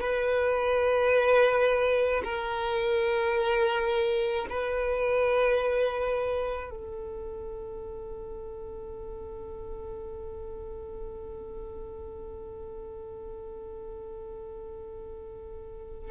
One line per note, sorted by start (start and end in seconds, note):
0.00 2.22 B4
2.24 4.46 A#4
4.49 6.70 B4
6.70 16.11 A4